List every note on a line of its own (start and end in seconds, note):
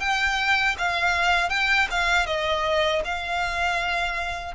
0.00 0.76 G5
0.78 1.49 F5
1.49 1.87 G5
1.91 2.26 F5
2.26 3.02 D#5
3.04 4.55 F5